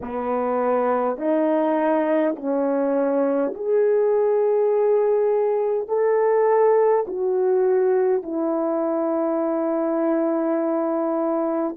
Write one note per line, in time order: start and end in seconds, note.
0.01 1.17 B3
1.17 2.35 D#4
2.35 3.53 C#4
3.54 5.88 G#4
5.88 7.05 A4
7.06 8.22 F#4
8.22 11.75 E4